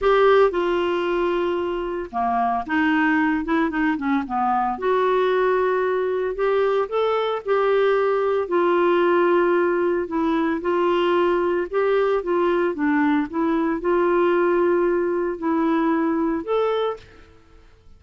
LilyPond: \new Staff \with { instrumentName = "clarinet" } { \time 4/4 \tempo 4 = 113 g'4 f'2. | ais4 dis'4. e'8 dis'8 cis'8 | b4 fis'2. | g'4 a'4 g'2 |
f'2. e'4 | f'2 g'4 f'4 | d'4 e'4 f'2~ | f'4 e'2 a'4 | }